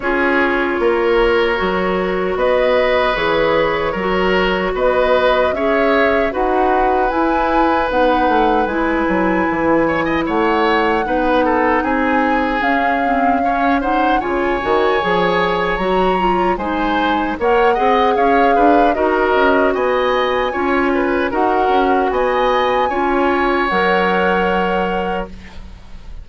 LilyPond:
<<
  \new Staff \with { instrumentName = "flute" } { \time 4/4 \tempo 4 = 76 cis''2. dis''4 | cis''2 dis''4 e''4 | fis''4 gis''4 fis''4 gis''4~ | gis''4 fis''2 gis''4 |
f''4. fis''8 gis''2 | ais''4 gis''4 fis''4 f''4 | dis''4 gis''2 fis''4 | gis''2 fis''2 | }
  \new Staff \with { instrumentName = "oboe" } { \time 4/4 gis'4 ais'2 b'4~ | b'4 ais'4 b'4 cis''4 | b'1~ | b'8 cis''16 dis''16 cis''4 b'8 a'8 gis'4~ |
gis'4 cis''8 c''8 cis''2~ | cis''4 c''4 cis''8 dis''8 cis''8 b'8 | ais'4 dis''4 cis''8 b'8 ais'4 | dis''4 cis''2. | }
  \new Staff \with { instrumentName = "clarinet" } { \time 4/4 f'2 fis'2 | gis'4 fis'2 gis'4 | fis'4 e'4 dis'4 e'4~ | e'2 dis'2 |
cis'8 c'8 cis'8 dis'8 f'8 fis'8 gis'4 | fis'8 f'8 dis'4 ais'8 gis'4. | fis'2 f'4 fis'4~ | fis'4 f'4 ais'2 | }
  \new Staff \with { instrumentName = "bassoon" } { \time 4/4 cis'4 ais4 fis4 b4 | e4 fis4 b4 cis'4 | dis'4 e'4 b8 a8 gis8 fis8 | e4 a4 b4 c'4 |
cis'2 cis8 dis8 f4 | fis4 gis4 ais8 c'8 cis'8 d'8 | dis'8 cis'8 b4 cis'4 dis'8 cis'8 | b4 cis'4 fis2 | }
>>